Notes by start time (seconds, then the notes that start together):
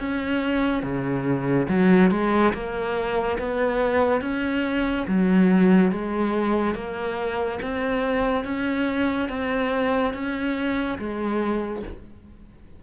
0.00 C#4
0.83 C#3
1.69 F#3
2.11 G#3
2.54 A#3
3.39 B3
4.22 C#4
5.08 F#3
5.92 G#3
6.75 A#3
7.62 C4
8.45 C#4
9.30 C4
10.14 C#4
10.99 G#3